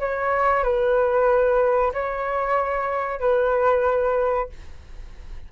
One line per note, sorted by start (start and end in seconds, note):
0.00 0.64 C#5
0.64 1.93 B4
1.94 3.21 C#5
3.21 4.50 B4